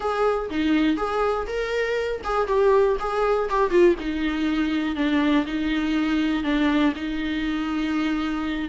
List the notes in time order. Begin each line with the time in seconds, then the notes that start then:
0.00 G#4
0.50 D#4
0.96 G#4
1.47 A#4
2.24 G#4
2.47 G4
2.99 G#4
3.49 G4
3.70 F4
3.99 D#4
4.95 D4
5.45 D#4
6.43 D4
6.95 D#4